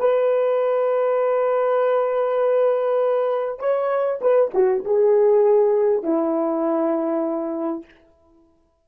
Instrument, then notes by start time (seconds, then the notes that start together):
horn
0.00 B4
3.60 C#5
4.22 B4
4.55 F#4
4.85 G#4
6.04 E4